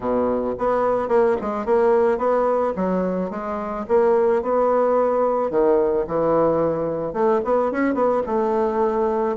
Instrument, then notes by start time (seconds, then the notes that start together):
bassoon
0.00 B2
0.58 B3
1.08 A#3
1.41 G#3
1.65 A#3
2.18 B3
2.75 F#3
3.30 G#3
3.88 A#3
4.42 B3
5.50 D#3
6.07 E3
7.13 A3
7.44 B3
7.71 C#4
7.94 B3
8.26 A3